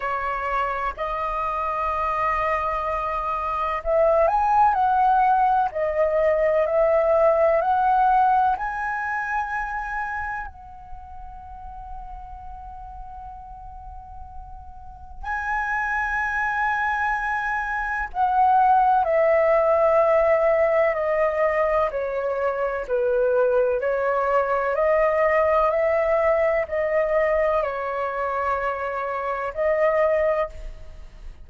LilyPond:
\new Staff \with { instrumentName = "flute" } { \time 4/4 \tempo 4 = 63 cis''4 dis''2. | e''8 gis''8 fis''4 dis''4 e''4 | fis''4 gis''2 fis''4~ | fis''1 |
gis''2. fis''4 | e''2 dis''4 cis''4 | b'4 cis''4 dis''4 e''4 | dis''4 cis''2 dis''4 | }